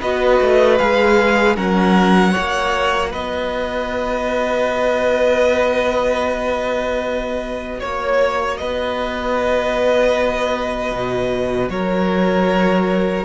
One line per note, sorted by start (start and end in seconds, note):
0.00 0.40 B3
0.00 0.79 F#4
0.00 1.56 B4
0.00 0.78 D#5
0.40 0.79 A3
0.78 1.57 G#3
0.78 1.56 G#4
0.78 1.56 F5
1.56 2.35 F#3
1.56 2.32 C#4
1.56 2.31 A#4
1.56 3.12 F#5
2.31 13.23 F#4
2.31 3.09 C#5
2.37 3.14 A#3
3.10 7.81 B3
3.10 7.77 B4
3.10 7.80 D#5
7.80 8.61 A#3
7.80 8.57 C#5
7.80 8.58 C#5
8.57 10.91 B3
8.57 11.71 B4
8.57 11.69 D#5
10.91 11.69 B2
11.69 13.24 F#3
11.69 13.24 A#4
11.69 13.24 C#5